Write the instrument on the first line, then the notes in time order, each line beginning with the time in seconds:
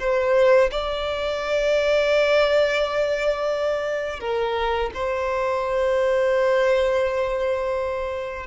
violin
0.00 C5
0.71 D5
4.20 A#4
4.94 C5